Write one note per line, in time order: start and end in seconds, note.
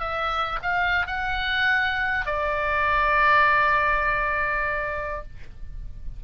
0.00 0.59 E5
0.62 1.07 F5
1.07 2.26 F#5
2.26 5.23 D5